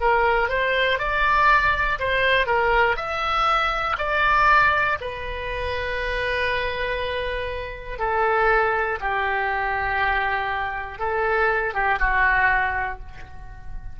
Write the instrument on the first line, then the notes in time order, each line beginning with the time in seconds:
oboe
0.00 A#4
0.49 C5
0.99 D5
1.99 C5
2.46 A#4
2.96 E5
3.98 D5
5.01 B4
7.99 A4
9.00 G4
10.99 A4
11.74 G4
11.99 F#4